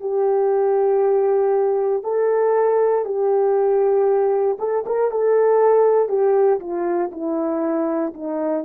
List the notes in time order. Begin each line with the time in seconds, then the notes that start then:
0.00 G4
2.03 A4
3.05 G4
4.59 A4
4.86 A#4
5.10 A4
6.08 G4
6.60 F4
7.11 E4
8.13 D#4